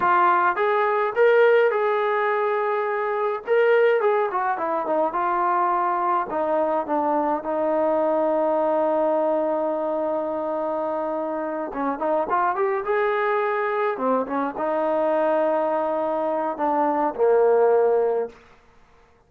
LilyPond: \new Staff \with { instrumentName = "trombone" } { \time 4/4 \tempo 4 = 105 f'4 gis'4 ais'4 gis'4~ | gis'2 ais'4 gis'8 fis'8 | e'8 dis'8 f'2 dis'4 | d'4 dis'2.~ |
dis'1~ | dis'8 cis'8 dis'8 f'8 g'8 gis'4.~ | gis'8 c'8 cis'8 dis'2~ dis'8~ | dis'4 d'4 ais2 | }